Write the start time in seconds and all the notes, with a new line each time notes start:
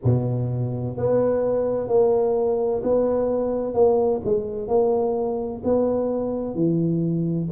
0.04 B2
0.97 B3
1.87 A#3
2.83 B3
3.74 A#3
4.24 G#3
4.68 A#3
5.64 B3
6.54 E3